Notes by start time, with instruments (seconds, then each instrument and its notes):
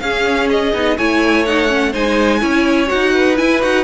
0.00 cello C#4, viola C#4, violin G#4 F5
0.51 violin D#5
0.73 cello B3, viola D#4
0.97 cello A3, viola E4, violin C#5 G#5
1.45 viola D#4, violin F#5
1.68 viola C#4
1.92 cello G#3, viola D#4, violin C5 G#5
2.40 cello C#4, viola E4, violin C#5
2.87 cello D#4, viola F#4, violin F#5
3.14 violin B4
3.36 viola E4, cello E4, violin G#5
3.62 cello D#4, viola F#4, violin F#5